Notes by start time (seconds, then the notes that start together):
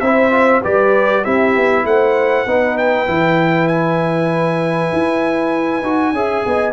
0.00 C4 E4 C5 E5
0.31 F4
0.62 G3 G4 B4 D5
1.23 C4 E4 G4 E5
1.56 B3
1.84 A3 C5 F#5
2.46 B3 D#4 B4
2.78 G5
3.07 E3 E4
3.68 G#5
4.93 E4
5.83 D#4 F#4
6.13 C#4 G#4 E5
6.46 B3 D#5